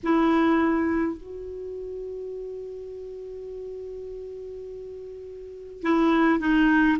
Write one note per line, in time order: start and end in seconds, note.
0.03 1.17 E4
1.17 5.82 F#4
5.82 6.39 E4
6.39 6.97 D#4